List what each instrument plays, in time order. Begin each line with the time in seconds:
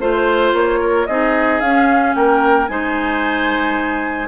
0.00 bassoon A3, clarinet F4, flute C5, oboe C5
0.53 bassoon A#3, flute C#5
0.80 oboe A#4
1.07 bassoon C4, clarinet D#4, oboe G#4, flute D#5
1.60 bassoon C#4, clarinet C#4, flute F5
2.15 bassoon A#3, oboe A#4, flute G5
2.68 bassoon G#3, clarinet D#4, oboe C5, flute G#5